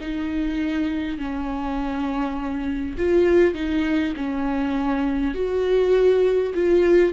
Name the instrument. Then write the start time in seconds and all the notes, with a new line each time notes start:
viola
0.00 D#4
1.18 C#4
2.97 F4
3.54 D#4
4.16 C#4
5.34 F#4
6.54 F4